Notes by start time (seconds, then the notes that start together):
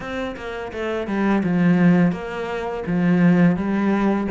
0.00 C4
0.36 A#3
0.72 A3
1.07 G3
1.43 F3
2.12 A#3
2.86 F3
3.56 G3